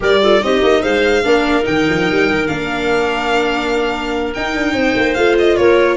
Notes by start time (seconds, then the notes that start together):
0.00 G3 G4 A#4 D5
0.22 F4 A4
0.40 C4 D#4 G4 D#5
0.62 A#3
0.81 G#3 C5 F5
1.23 A#3 D4 A#4
1.62 D#3 D#4 G5
1.89 F3
2.10 G3
2.30 D#3
2.47 A#3 D4 F5
4.33 D#4 G5
4.55 D4
4.73 C4 C5
4.95 A#3
5.14 A3 F4 F5
5.38 D#5
5.56 A#3 A#4 C#5